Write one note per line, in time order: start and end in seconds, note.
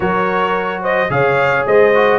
0.00 1.09 F#3
0.00 1.09 F#4
0.00 0.82 A#4
0.00 0.83 C#5
0.82 1.09 C5
0.82 1.10 D#5
1.09 1.64 C#3
1.09 1.91 G#4
1.09 1.67 C#5
1.09 1.65 F5
1.66 2.19 G#3
1.66 2.19 C5
1.66 2.19 D#5
1.94 2.19 F#4